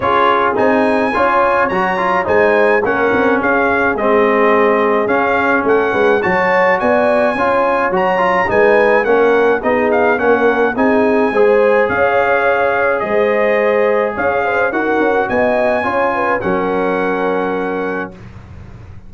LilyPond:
<<
  \new Staff \with { instrumentName = "trumpet" } { \time 4/4 \tempo 4 = 106 cis''4 gis''2 ais''4 | gis''4 fis''4 f''4 dis''4~ | dis''4 f''4 fis''4 a''4 | gis''2 ais''4 gis''4 |
fis''4 dis''8 f''8 fis''4 gis''4~ | gis''4 f''2 dis''4~ | dis''4 f''4 fis''4 gis''4~ | gis''4 fis''2. | }
  \new Staff \with { instrumentName = "horn" } { \time 4/4 gis'2 cis''2 | c''4 ais'4 gis'2~ | gis'2 a'8 b'8 cis''4 | d''4 cis''2 b'4 |
ais'4 gis'4 ais'4 gis'4 | c''4 cis''2 c''4~ | c''4 cis''8 c''8 ais'4 dis''4 | cis''8 b'8 ais'2. | }
  \new Staff \with { instrumentName = "trombone" } { \time 4/4 f'4 dis'4 f'4 fis'8 f'8 | dis'4 cis'2 c'4~ | c'4 cis'2 fis'4~ | fis'4 f'4 fis'8 f'8 dis'4 |
cis'4 dis'4 cis'4 dis'4 | gis'1~ | gis'2 fis'2 | f'4 cis'2. | }
  \new Staff \with { instrumentName = "tuba" } { \time 4/4 cis'4 c'4 cis'4 fis4 | gis4 ais8 c'8 cis'4 gis4~ | gis4 cis'4 a8 gis8 fis4 | b4 cis'4 fis4 gis4 |
ais4 b4 ais4 c'4 | gis4 cis'2 gis4~ | gis4 cis'4 dis'8 cis'8 b4 | cis'4 fis2. | }
>>